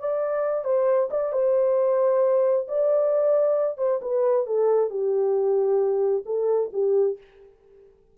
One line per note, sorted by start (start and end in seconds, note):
0.00 0.65 D5
0.65 1.09 C5
1.11 1.33 D5
1.33 2.67 C5
2.68 3.78 D5
3.78 4.00 C5
4.02 4.47 B4
4.47 4.90 A4
4.90 6.25 G4
6.26 6.71 A4
6.73 7.18 G4